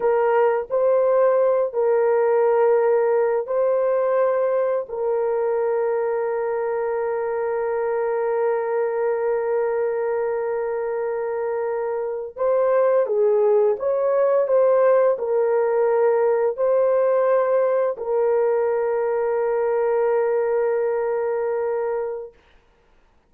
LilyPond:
\new Staff \with { instrumentName = "horn" } { \time 4/4 \tempo 4 = 86 ais'4 c''4. ais'4.~ | ais'4 c''2 ais'4~ | ais'1~ | ais'1~ |
ais'4.~ ais'16 c''4 gis'4 cis''16~ | cis''8. c''4 ais'2 c''16~ | c''4.~ c''16 ais'2~ ais'16~ | ais'1 | }